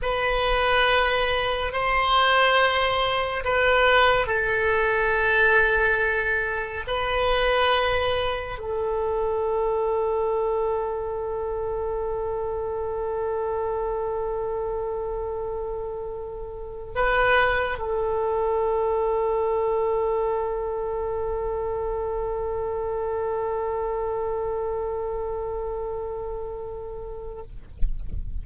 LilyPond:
\new Staff \with { instrumentName = "oboe" } { \time 4/4 \tempo 4 = 70 b'2 c''2 | b'4 a'2. | b'2 a'2~ | a'1~ |
a'2.~ a'8. b'16~ | b'8. a'2.~ a'16~ | a'1~ | a'1 | }